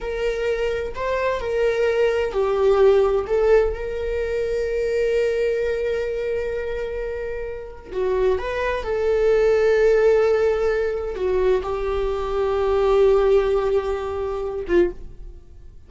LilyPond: \new Staff \with { instrumentName = "viola" } { \time 4/4 \tempo 4 = 129 ais'2 c''4 ais'4~ | ais'4 g'2 a'4 | ais'1~ | ais'1~ |
ais'4 fis'4 b'4 a'4~ | a'1 | fis'4 g'2.~ | g'2.~ g'8 f'8 | }